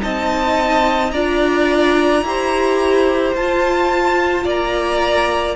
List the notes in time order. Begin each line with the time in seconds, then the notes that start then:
0.00 C4 D#4 D#5 A5
1.11 D4 F4 D5 A#5
2.22 E4 G4 C5
3.34 F4 A5
4.43 A#3 D5 A#5